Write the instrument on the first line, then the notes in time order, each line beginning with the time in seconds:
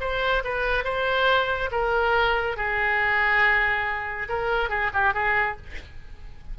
oboe
0.00 C5
0.44 B4
0.84 C5
1.71 A#4
2.56 G#4
4.28 A#4
4.69 G#4
4.93 G4
5.14 G#4